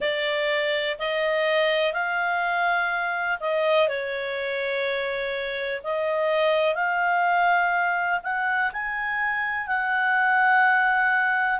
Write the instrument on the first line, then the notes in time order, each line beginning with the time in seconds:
clarinet
0.00 D5
0.99 D#5
1.93 F5
3.40 D#5
3.88 C#5
5.83 D#5
6.74 F5
8.23 F#5
8.72 G#5
9.67 F#5